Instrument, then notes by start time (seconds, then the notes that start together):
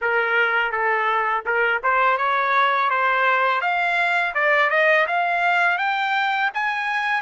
trumpet
0.01 A#4
0.71 A4
1.45 A#4
1.83 C5
2.17 C#5
2.89 C5
3.61 F5
4.34 D5
4.70 D#5
5.07 F5
5.78 G5
6.54 G#5